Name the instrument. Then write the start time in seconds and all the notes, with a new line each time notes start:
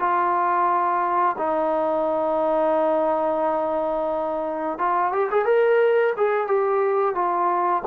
trombone
0.00 F4
1.39 D#4
4.79 F4
5.13 G4
5.31 G#4
5.45 A#4
6.17 G#4
6.47 G4
7.15 F4